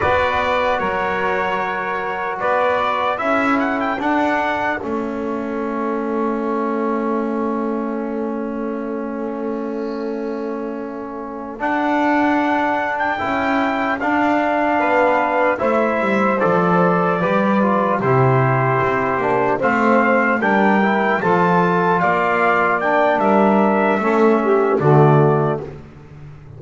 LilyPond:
<<
  \new Staff \with { instrumentName = "trumpet" } { \time 4/4 \tempo 4 = 75 d''4 cis''2 d''4 | e''8 fis''16 g''16 fis''4 e''2~ | e''1~ | e''2~ e''8 fis''4.~ |
fis''16 g''4~ g''16 f''2 e''8~ | e''8 d''2 c''4.~ | c''8 f''4 g''4 a''4 f''8~ | f''8 g''8 e''2 d''4 | }
  \new Staff \with { instrumentName = "saxophone" } { \time 4/4 b'4 ais'2 b'4 | a'1~ | a'1~ | a'1~ |
a'2~ a'8 b'4 c''8~ | c''4. b'4 g'4.~ | g'8 c''4 ais'4 a'4 d''8~ | d''4 ais'4 a'8 g'8 fis'4 | }
  \new Staff \with { instrumentName = "trombone" } { \time 4/4 fis'1 | e'4 d'4 cis'2~ | cis'1~ | cis'2~ cis'8 d'4.~ |
d'8 e'4 d'2 e'8~ | e'8 a'4 g'8 f'8 e'4. | d'8 c'4 d'8 e'8 f'4.~ | f'8 d'4. cis'4 a4 | }
  \new Staff \with { instrumentName = "double bass" } { \time 4/4 b4 fis2 b4 | cis'4 d'4 a2~ | a1~ | a2~ a8 d'4.~ |
d'8 cis'4 d'4 b4 a8 | g8 f4 g4 c4 c'8 | ais8 a4 g4 f4 ais8~ | ais4 g4 a4 d4 | }
>>